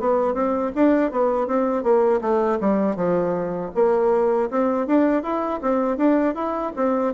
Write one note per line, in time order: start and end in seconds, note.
0.00 0.34 B3
0.34 0.72 C4
0.75 1.11 D4
1.11 1.47 B3
1.47 1.83 C4
1.83 2.21 A#3
2.21 2.59 A3
2.60 2.96 G3
2.96 3.71 F3
3.75 4.50 A#3
4.50 4.87 C4
4.87 5.23 D4
5.23 5.60 E4
5.61 5.97 C4
5.97 6.35 D4
6.35 6.73 E4
6.76 7.14 C4